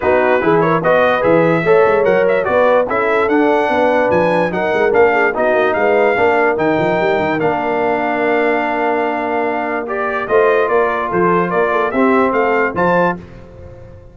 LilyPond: <<
  \new Staff \with { instrumentName = "trumpet" } { \time 4/4 \tempo 4 = 146 b'4. cis''8 dis''4 e''4~ | e''4 fis''8 e''8 d''4 e''4 | fis''2 gis''4 fis''4 | f''4 dis''4 f''2 |
g''2 f''2~ | f''1 | d''4 dis''4 d''4 c''4 | d''4 e''4 f''4 a''4 | }
  \new Staff \with { instrumentName = "horn" } { \time 4/4 fis'4 gis'8 ais'8 b'2 | cis''2 b'4 a'4~ | a'4 b'2 ais'4~ | ais'8 gis'8 fis'4 b'4 ais'4~ |
ais'1~ | ais'1~ | ais'4 c''4 ais'4 a'4 | ais'8 a'8 g'4 a'4 c''4 | }
  \new Staff \with { instrumentName = "trombone" } { \time 4/4 dis'4 e'4 fis'4 gis'4 | a'4 ais'4 fis'4 e'4 | d'2. dis'4 | d'4 dis'2 d'4 |
dis'2 d'2~ | d'1 | g'4 f'2.~ | f'4 c'2 f'4 | }
  \new Staff \with { instrumentName = "tuba" } { \time 4/4 b4 e4 b4 e4 | a8 gis8 fis4 b4 cis'4 | d'4 b4 f4 fis8 gis8 | ais4 b8 ais8 gis4 ais4 |
dis8 f8 g8 dis8 ais2~ | ais1~ | ais4 a4 ais4 f4 | ais4 c'4 a4 f4 | }
>>